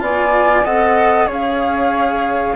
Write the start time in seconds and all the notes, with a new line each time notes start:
0.00 B3 F4 D5 G#5
0.64 C4 A4 D#5 F#5
1.26 C#4 G#4 C#5 F5